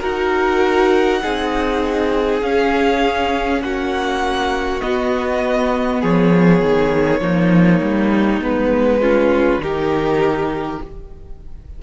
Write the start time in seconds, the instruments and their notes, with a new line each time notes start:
0.00 cello D#4, viola F#4, violin A#4 F#5
1.23 cello C4, viola D#4, violin G#4
2.43 cello C#4, viola C#4, violin F5
3.62 cello A#3, violin F#4 F#5
4.81 viola B3, cello B3, violin D#5
6.01 cello F3, violin G#4 C#5
6.62 cello D#3
7.21 cello F3, viola A#3, violin D#4
7.81 cello G3
8.42 cello G#3, viola B3, violin B4
9.01 viola C#4, violin F4
9.59 cello D#3, viola D#4, violin G4 A#4